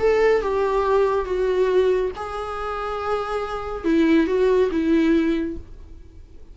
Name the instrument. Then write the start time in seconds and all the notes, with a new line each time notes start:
viola
0.00 A4
0.42 G4
1.26 F#4
2.17 G#4
3.85 E4
4.27 F#4
4.72 E4